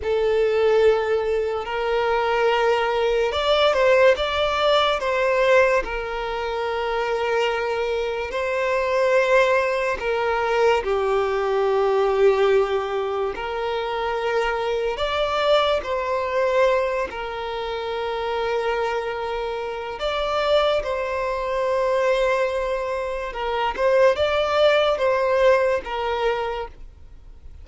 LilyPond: \new Staff \with { instrumentName = "violin" } { \time 4/4 \tempo 4 = 72 a'2 ais'2 | d''8 c''8 d''4 c''4 ais'4~ | ais'2 c''2 | ais'4 g'2. |
ais'2 d''4 c''4~ | c''8 ais'2.~ ais'8 | d''4 c''2. | ais'8 c''8 d''4 c''4 ais'4 | }